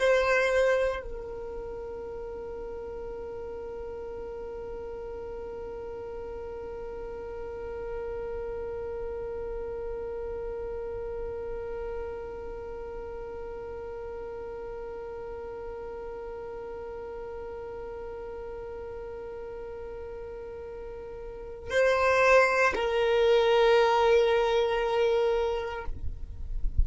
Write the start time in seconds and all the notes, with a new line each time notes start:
0.00 C5
1.03 A#4
21.71 C5
22.75 A#4